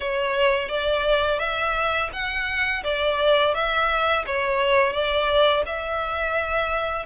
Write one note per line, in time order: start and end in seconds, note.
0.00 0.68 C#5
0.68 1.39 D5
1.39 2.09 E5
2.12 2.83 F#5
2.83 3.54 D5
3.54 4.24 E5
4.26 4.92 C#5
4.92 5.63 D5
5.66 7.06 E5